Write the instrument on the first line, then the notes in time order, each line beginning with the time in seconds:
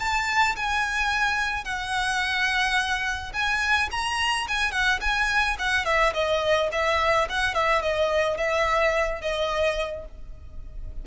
violin
0.00 A5
0.56 G#5
1.65 F#5
3.34 G#5
3.92 A#5
4.49 G#5
4.72 F#5
5.01 G#5
5.59 F#5
5.86 E5
6.14 D#5
6.72 E5
7.30 F#5
7.55 E5
7.83 D#5
8.38 E5
9.22 D#5